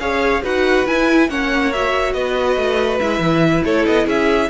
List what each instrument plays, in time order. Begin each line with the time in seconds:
0.00 cello C#4, viola G#4, violin C#5 F5
0.43 cello D#4, viola F#4, violin B4 F#5
0.87 cello E4, viola E4, violin G#5
1.29 cello A#3, viola C#4, violin C#5 F#5
1.73 viola F#4, violin E5
2.13 cello B3, violin B4 D#5
2.57 cello A3
2.99 cello G#3, viola E4, violin E5
3.19 cello E3
3.64 cello A3, violin A4 C#5
3.86 cello B3, violin D#5
4.07 cello C#4, violin G#4 E5